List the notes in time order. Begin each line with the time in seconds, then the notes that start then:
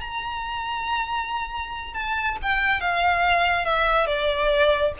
0.00 A#5
1.93 A5
2.42 G5
2.80 F5
3.65 E5
4.07 D5